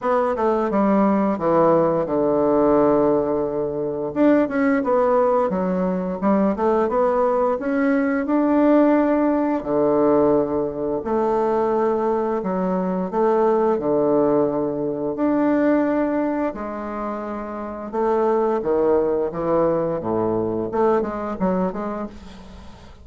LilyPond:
\new Staff \with { instrumentName = "bassoon" } { \time 4/4 \tempo 4 = 87 b8 a8 g4 e4 d4~ | d2 d'8 cis'8 b4 | fis4 g8 a8 b4 cis'4 | d'2 d2 |
a2 fis4 a4 | d2 d'2 | gis2 a4 dis4 | e4 a,4 a8 gis8 fis8 gis8 | }